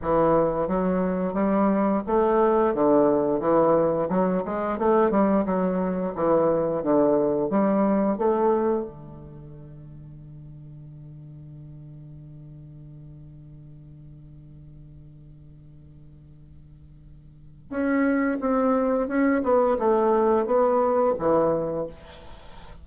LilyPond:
\new Staff \with { instrumentName = "bassoon" } { \time 4/4 \tempo 4 = 88 e4 fis4 g4 a4 | d4 e4 fis8 gis8 a8 g8 | fis4 e4 d4 g4 | a4 d2.~ |
d1~ | d1~ | d2 cis'4 c'4 | cis'8 b8 a4 b4 e4 | }